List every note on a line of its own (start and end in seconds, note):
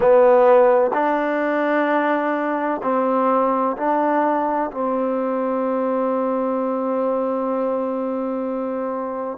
0.00 0.91 B3
0.93 2.81 D4
2.82 3.76 C4
3.77 4.70 D4
4.71 9.37 C4